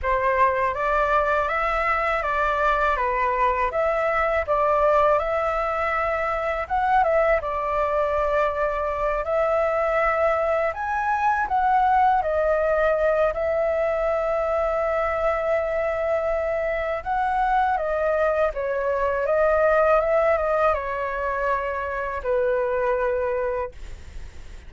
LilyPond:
\new Staff \with { instrumentName = "flute" } { \time 4/4 \tempo 4 = 81 c''4 d''4 e''4 d''4 | b'4 e''4 d''4 e''4~ | e''4 fis''8 e''8 d''2~ | d''8 e''2 gis''4 fis''8~ |
fis''8 dis''4. e''2~ | e''2. fis''4 | dis''4 cis''4 dis''4 e''8 dis''8 | cis''2 b'2 | }